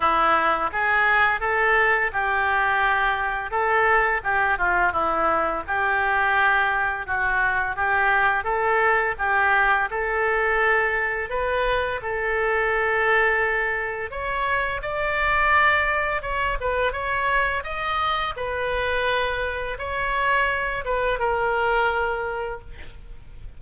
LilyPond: \new Staff \with { instrumentName = "oboe" } { \time 4/4 \tempo 4 = 85 e'4 gis'4 a'4 g'4~ | g'4 a'4 g'8 f'8 e'4 | g'2 fis'4 g'4 | a'4 g'4 a'2 |
b'4 a'2. | cis''4 d''2 cis''8 b'8 | cis''4 dis''4 b'2 | cis''4. b'8 ais'2 | }